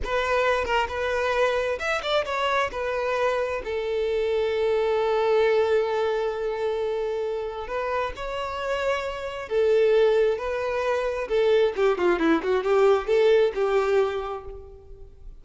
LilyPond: \new Staff \with { instrumentName = "violin" } { \time 4/4 \tempo 4 = 133 b'4. ais'8 b'2 | e''8 d''8 cis''4 b'2 | a'1~ | a'1~ |
a'4 b'4 cis''2~ | cis''4 a'2 b'4~ | b'4 a'4 g'8 f'8 e'8 fis'8 | g'4 a'4 g'2 | }